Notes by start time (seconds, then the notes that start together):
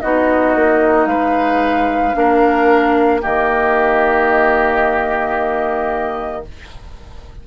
0.00 B3 D#4 F#4 D#5
0.55 A#3
1.06 G#3 B4 F5
2.14 A#3 D4 A#4
3.21 D#3 A#3 G4 D#5